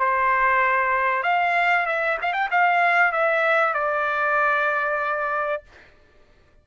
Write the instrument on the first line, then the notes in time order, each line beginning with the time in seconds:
trumpet
0.00 C5
1.23 F5
1.87 E5
2.22 F5
2.34 G5
2.52 F5
3.13 E5
3.74 D5